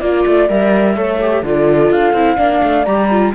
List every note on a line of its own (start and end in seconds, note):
0.00 0.25 A#3
0.00 0.49 F4
0.00 0.48 D5
0.00 0.95 D5
0.26 0.49 A3
0.49 0.97 G3
0.49 0.96 A#4
0.49 1.44 E5
0.95 1.42 A3
0.95 1.19 A4
0.95 1.43 C#5
1.21 1.44 G4
1.42 1.90 D3
1.42 2.15 F4
1.42 2.36 A4
1.42 1.92 D5
1.90 2.13 D4
1.90 2.84 F5
2.13 2.37 C4
2.13 2.37 E4
2.36 2.61 A#3
2.36 2.85 D4
2.36 3.32 D5
2.62 2.86 A3
2.84 3.34 G3
2.84 3.09 G4
2.84 3.32 A#5
3.10 3.34 F4